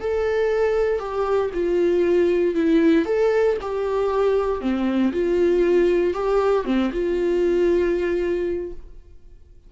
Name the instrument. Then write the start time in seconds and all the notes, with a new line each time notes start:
viola
0.00 A4
1.00 G4
1.54 F4
2.55 E4
3.06 A4
3.61 G4
4.61 C4
5.13 F4
6.14 G4
6.65 C4
6.93 F4